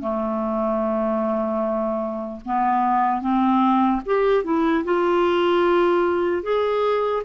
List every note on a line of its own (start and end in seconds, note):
0.00 2.40 A3
2.45 3.21 B3
3.21 4.01 C4
4.05 4.44 G4
4.44 4.84 E4
4.84 6.42 F4
6.42 7.22 G#4